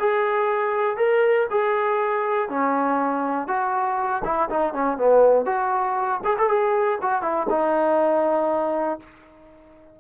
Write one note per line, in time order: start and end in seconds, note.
0.00 0.97 G#4
0.97 1.47 A#4
1.51 2.50 G#4
2.50 3.48 C#4
3.48 4.23 F#4
4.25 4.50 E4
4.50 4.74 D#4
4.74 4.98 C#4
4.98 5.46 B3
5.46 6.21 F#4
6.25 6.38 G#4
6.39 6.49 A4
6.49 6.99 G#4
7.02 7.22 F#4
7.22 7.47 E4
7.50 9.00 D#4